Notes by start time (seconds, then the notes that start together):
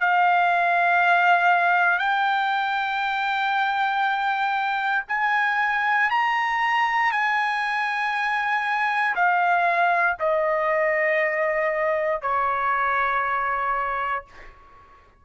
0.00 F5
1.98 G5
5.08 G#5
6.10 A#5
7.11 G#5
9.15 F5
10.19 D#5
12.21 C#5